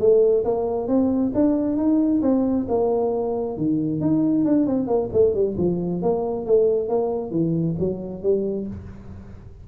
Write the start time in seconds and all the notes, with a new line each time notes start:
0.00 A3
0.45 A#3
0.88 C4
1.35 D4
1.77 D#4
2.23 C4
2.69 A#3
3.58 D#3
4.01 D#4
4.45 D4
4.67 C4
4.88 A#3
5.13 A3
5.35 G3
5.58 F3
6.03 A#3
6.46 A3
6.89 A#3
7.32 E3
7.79 F#3
8.23 G3